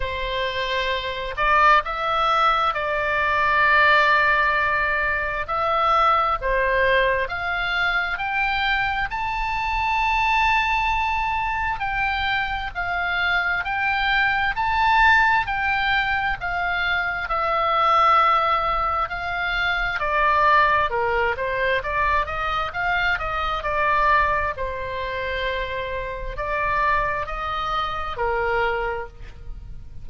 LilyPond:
\new Staff \with { instrumentName = "oboe" } { \time 4/4 \tempo 4 = 66 c''4. d''8 e''4 d''4~ | d''2 e''4 c''4 | f''4 g''4 a''2~ | a''4 g''4 f''4 g''4 |
a''4 g''4 f''4 e''4~ | e''4 f''4 d''4 ais'8 c''8 | d''8 dis''8 f''8 dis''8 d''4 c''4~ | c''4 d''4 dis''4 ais'4 | }